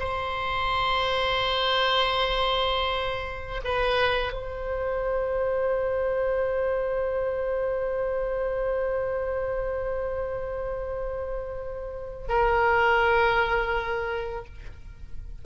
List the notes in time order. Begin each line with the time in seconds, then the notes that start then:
0.00 C5
3.65 B4
4.33 C5
12.29 A#4